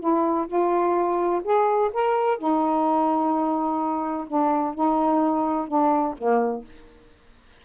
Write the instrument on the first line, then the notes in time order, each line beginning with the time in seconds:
saxophone
0.00 E4
0.47 F4
1.44 G#4
1.93 A#4
2.38 D#4
4.28 D4
4.75 D#4
5.68 D4
6.18 A#3